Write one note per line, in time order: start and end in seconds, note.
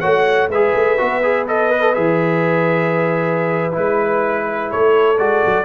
0.00 0.48 A3
0.00 0.49 F#4
0.00 0.48 C#5
0.00 0.48 F#5
0.48 0.72 G#3
0.48 4.69 B4
0.48 1.47 E5
0.54 0.97 G#4
0.74 0.98 A3
0.97 1.96 B3
0.97 1.21 F#4
1.23 1.47 G#4
1.47 1.70 A4
1.47 1.94 D#5
1.70 1.81 B4
1.81 1.93 A4
1.94 3.76 E3
1.94 3.71 G#4
1.94 3.74 E5
3.71 4.72 G#3
3.71 5.15 E4
3.71 4.71 B4
4.70 5.19 A3
4.70 5.64 A4
4.70 5.18 C#5
5.18 5.43 G#3
5.18 5.64 F#4
5.18 5.64 D5
5.46 5.64 F#3